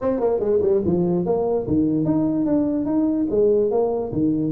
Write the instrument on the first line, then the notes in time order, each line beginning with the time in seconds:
tuba
0.01 C4
0.20 A#3
0.39 G#3
0.61 G3
0.85 F3
1.25 A#3
1.67 D#3
2.05 D#4
2.45 D4
2.85 D#4
3.30 G#3
3.70 A#3
4.12 D#3